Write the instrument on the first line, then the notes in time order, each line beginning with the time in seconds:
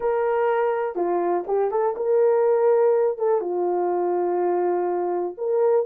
horn
0.00 A#4
0.95 F4
1.47 G4
1.71 A4
1.96 A#4
3.18 A4
3.40 F4
5.37 A#4